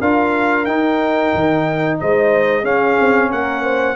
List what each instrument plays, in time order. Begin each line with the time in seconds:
0.00 tuba D4, trombone F4, horn A#4, trumpet F5
0.65 tuba D#4, trombone D#4, trumpet G5
1.35 tuba D#3
2.00 tuba G#3, horn C5, trumpet D#5
2.62 tuba C#4, trombone C#4, horn G#4, trumpet F5
3.00 tuba C4
3.30 tuba A#3, horn A#4, trumpet F#5
3.63 horn C5